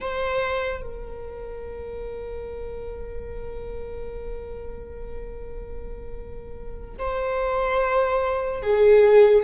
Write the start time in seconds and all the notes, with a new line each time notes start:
0.00 C5
0.81 A#4
6.98 C5
8.62 G#4